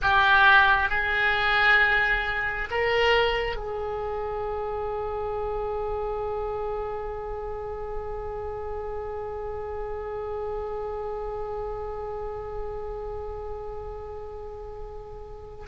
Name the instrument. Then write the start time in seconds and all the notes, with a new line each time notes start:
oboe
0.02 G4
0.89 G#4
2.71 A#4
3.55 G#4